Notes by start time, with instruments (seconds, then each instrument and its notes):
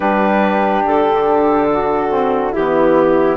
0.00 bassoon G3, saxophone D4, flute G4, clarinet B4
0.86 bassoon D3, clarinet A4
1.70 flute F#4
2.09 saxophone C4
2.52 bassoon E3, saxophone B3, flute E4, clarinet G4